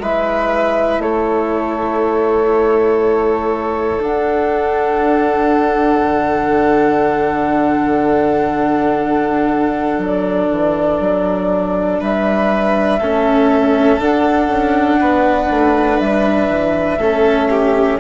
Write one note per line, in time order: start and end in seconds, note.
0.00 0.99 G#3
0.00 4.00 E4
0.00 1.02 B4
0.00 1.02 E5
0.99 3.99 A3
0.99 12.00 A4
0.99 4.02 C#5
3.99 5.99 D4
3.99 13.00 D4
3.99 10.02 F#5
6.01 9.98 D3
9.98 10.48 F#3
9.98 12.01 D5
10.51 11.00 E3
11.00 12.00 F#3
12.00 13.01 G3
12.00 13.00 B4
12.00 14.00 E5
13.00 14.00 A3
13.00 14.00 C#4
13.00 15.00 A4
14.00 17.00 D4
14.00 14.48 D4
14.00 16.00 F#5
14.48 14.98 C#4
15.00 15.50 B3
15.00 16.98 B4
15.50 16.00 A3
16.00 16.49 G3
16.00 18.00 E5
16.49 16.97 E3
16.97 17.97 A3
16.97 18.00 C#4
16.97 17.48 A4
17.50 18.00 G4